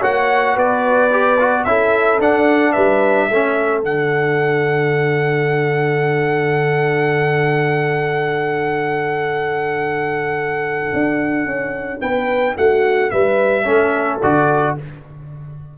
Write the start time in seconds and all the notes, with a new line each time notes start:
0.00 A#3 F#4 C#5 F#5
0.55 B3 B4 D5
1.11 G4
1.40 F#4
1.65 C#4 E4 A4 E5
2.19 D4 F#5
2.72 G3 B4 E5
3.30 A3 C#4 A4
3.82 D3 D4 F#5
10.94 D4
11.46 C#4
12.01 B3 B4 G5
12.57 A3 F#4 F#5
13.11 G3 B4 E5
13.65 A3 C#4 A4
14.22 D3 F#4 D5